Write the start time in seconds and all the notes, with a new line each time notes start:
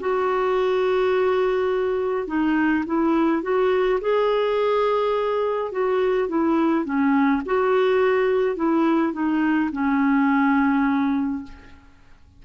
0.00 F#4
2.27 D#4
2.86 E4
3.42 F#4
4.01 G#4
5.71 F#4
6.28 E4
6.85 C#4
7.45 F#4
8.56 E4
9.13 D#4
9.72 C#4